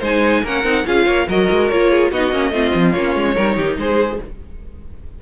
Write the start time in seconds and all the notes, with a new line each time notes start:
0.00 G#3 D#4 C5 G#5
0.43 A#3 C#4 A#4 F#5
0.64 C4 D#4
0.85 C#4 F4 G#4 F5
1.05 A#3 C#5
1.28 F#3 F#4 A#4 D#5
1.50 G#3
1.69 A#3 F4 C#5
1.91 G#4
2.11 B3 D#4 F#4 D#5
2.32 A#3 C#4
2.51 A3 C4 F4
2.75 F3
2.93 A#3 C#4 C#5
3.15 G#3
3.35 G3 D#4 A#4
3.57 D#3 G4
3.77 G#3 G#4 C5